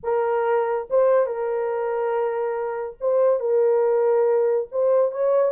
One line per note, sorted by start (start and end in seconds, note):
0.03 0.88 A#4
0.90 1.26 C5
1.26 2.96 A#4
3.00 3.40 C5
3.40 4.67 A#4
4.71 5.11 C5
5.11 5.52 C#5